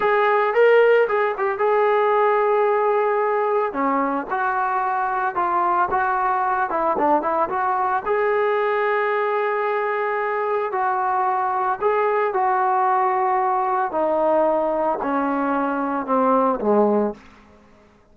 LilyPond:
\new Staff \with { instrumentName = "trombone" } { \time 4/4 \tempo 4 = 112 gis'4 ais'4 gis'8 g'8 gis'4~ | gis'2. cis'4 | fis'2 f'4 fis'4~ | fis'8 e'8 d'8 e'8 fis'4 gis'4~ |
gis'1 | fis'2 gis'4 fis'4~ | fis'2 dis'2 | cis'2 c'4 gis4 | }